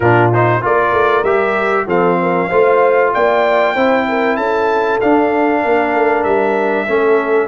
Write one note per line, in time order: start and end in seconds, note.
0.00 0.61 A#2
0.00 0.33 D4
0.00 0.61 F4
0.00 0.31 A#4
0.33 0.61 D#4
0.33 0.64 C5
0.61 0.93 A#3
0.61 1.24 F4
0.61 1.86 A#4
0.61 1.24 D5
0.93 1.23 A3
1.23 1.85 G3
1.23 1.88 G4
1.23 1.86 E5
1.86 2.49 F3
1.86 2.50 C4
1.86 2.17 A4
1.86 3.14 F5
2.21 2.48 A#4
2.48 3.14 A3
2.48 3.76 F4
2.48 3.11 C5
3.13 3.75 A#3
3.13 3.74 D5
3.13 4.36 G5
3.74 4.37 C4
3.74 5.01 E4
3.74 4.05 C5
4.08 4.37 A#4
4.36 4.99 C#4
4.36 5.61 A4
4.36 4.99 A5
5.00 6.87 D4
5.00 5.64 D4
5.00 6.23 F5
5.61 5.94 A#3
5.61 6.86 A#4
5.94 6.24 A3
6.23 6.86 G3
6.23 7.47 E5
6.86 7.47 A3
6.86 7.47 C#4
6.86 7.47 A4